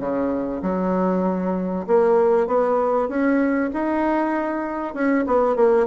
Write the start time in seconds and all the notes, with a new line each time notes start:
0.00 C#3
0.62 F#3
1.87 A#3
2.47 B3
3.09 C#4
3.74 D#4
4.95 C#4
5.27 B3
5.56 A#3